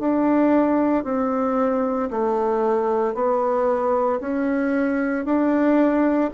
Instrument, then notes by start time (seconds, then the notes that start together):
bassoon
0.00 D4
1.04 C4
2.11 A3
3.15 B3
4.21 C#4
5.25 D4